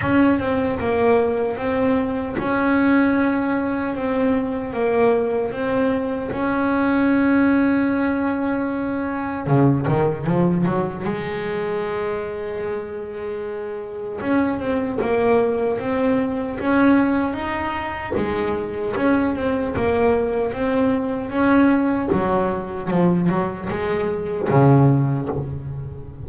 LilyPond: \new Staff \with { instrumentName = "double bass" } { \time 4/4 \tempo 4 = 76 cis'8 c'8 ais4 c'4 cis'4~ | cis'4 c'4 ais4 c'4 | cis'1 | cis8 dis8 f8 fis8 gis2~ |
gis2 cis'8 c'8 ais4 | c'4 cis'4 dis'4 gis4 | cis'8 c'8 ais4 c'4 cis'4 | fis4 f8 fis8 gis4 cis4 | }